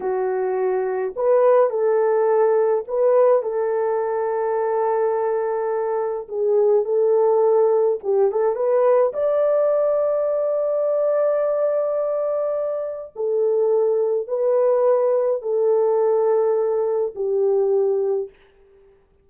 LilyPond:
\new Staff \with { instrumentName = "horn" } { \time 4/4 \tempo 4 = 105 fis'2 b'4 a'4~ | a'4 b'4 a'2~ | a'2. gis'4 | a'2 g'8 a'8 b'4 |
d''1~ | d''2. a'4~ | a'4 b'2 a'4~ | a'2 g'2 | }